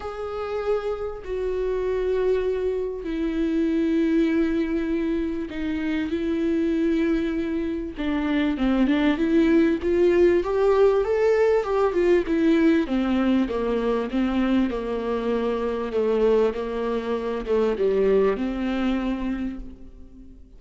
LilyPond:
\new Staff \with { instrumentName = "viola" } { \time 4/4 \tempo 4 = 98 gis'2 fis'2~ | fis'4 e'2.~ | e'4 dis'4 e'2~ | e'4 d'4 c'8 d'8 e'4 |
f'4 g'4 a'4 g'8 f'8 | e'4 c'4 ais4 c'4 | ais2 a4 ais4~ | ais8 a8 g4 c'2 | }